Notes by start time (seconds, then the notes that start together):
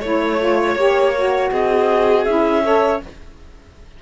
0.00 A3 E4 C#5
0.39 F4
0.75 A#3 G4
1.15 F#4
1.51 C4 G#4 D#5
2.24 C#4 E4 E5
2.63 A4 C#5